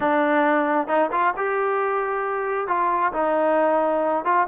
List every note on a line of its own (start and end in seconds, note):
0.00 0.87 D4
0.87 1.10 D#4
1.11 1.34 F4
1.36 2.67 G4
2.67 3.12 F4
3.13 4.24 D#4
4.24 4.47 F4